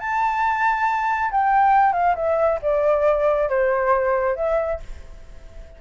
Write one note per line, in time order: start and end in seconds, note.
0.00 1.31 A5
1.32 1.93 G5
1.93 2.15 F5
2.16 2.60 E5
2.63 3.50 D5
3.50 4.37 C5
4.37 4.80 E5